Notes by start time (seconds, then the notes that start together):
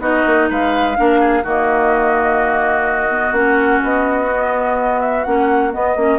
0.00 B3 D#4 F#4 D#5
0.26 A#3
0.50 G#3 B4 F5
0.96 A#3 D4 A#4
1.20 G#4
1.43 D#3 A#3 F#4 D#5
3.10 B3
3.31 A#3 C#4 F#5
3.84 B3 D#5
4.28 B3
5.00 E5
5.24 A#3 C#4 F#5
5.72 B3 D#5
5.96 A#3 C#4